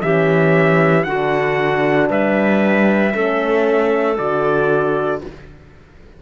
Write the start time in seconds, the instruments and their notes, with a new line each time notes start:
0.00 cello E3, horn C#4, clarinet G4, trumpet E5
1.03 cello D3, horn D4, clarinet F#4, trumpet F#5
2.09 cello G3, clarinet B4, trumpet E5
3.13 cello A3, horn C#4, clarinet A4
4.18 cello D3, horn F#4, trumpet D5